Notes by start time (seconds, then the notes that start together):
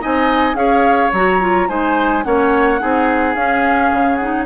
0.00 C4 D#4 D#5 G#5
0.54 C#4 G#4 C#5 F5
1.12 F#3 F#4 A#5
1.40 F4
1.68 G#3 D#4 C5 G#5
2.23 A#3 C#4 C#5 F#5
2.79 C4 D#4 G#4
3.34 C#4 F5
3.93 C#3
4.15 D#4 F#5